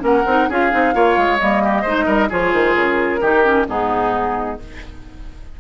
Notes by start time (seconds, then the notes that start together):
0.00 A#3 C#4 A#4 F#5
0.26 C4 D#4
0.49 C#4 F4 G#4 F5
0.71 C4 D#4
0.94 A#3 F4 C#5
1.17 G#3
1.39 G3 A#3 D#5
1.63 G4
1.82 G#3 D#4 C5
2.06 G3 A#4
2.30 F3 F4 G#4 C#5
2.53 D#3 C5
2.75 C#3 A#4
3.21 D#3 D#4 G4
3.44 C#4
3.69 G#2 B3 D#4 G#4